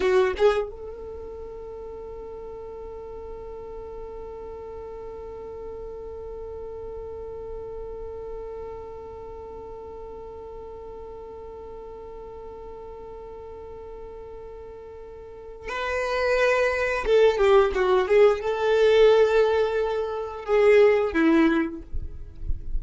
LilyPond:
\new Staff \with { instrumentName = "violin" } { \time 4/4 \tempo 4 = 88 fis'8 gis'8 a'2.~ | a'1~ | a'1~ | a'1~ |
a'1~ | a'2. b'4~ | b'4 a'8 g'8 fis'8 gis'8 a'4~ | a'2 gis'4 e'4 | }